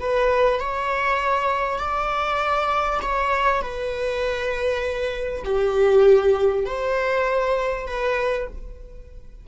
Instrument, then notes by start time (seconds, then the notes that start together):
viola
0.00 B4
0.60 C#5
1.79 D5
3.02 C#5
3.62 B4
5.45 G4
6.66 C5
7.87 B4